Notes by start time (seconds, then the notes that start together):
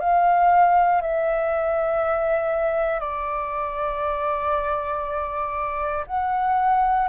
0.00 F5
1.02 E5
3.00 D5
6.07 F#5